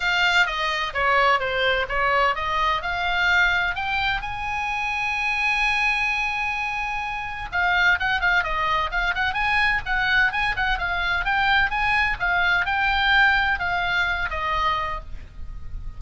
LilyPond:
\new Staff \with { instrumentName = "oboe" } { \time 4/4 \tempo 4 = 128 f''4 dis''4 cis''4 c''4 | cis''4 dis''4 f''2 | g''4 gis''2.~ | gis''1 |
f''4 fis''8 f''8 dis''4 f''8 fis''8 | gis''4 fis''4 gis''8 fis''8 f''4 | g''4 gis''4 f''4 g''4~ | g''4 f''4. dis''4. | }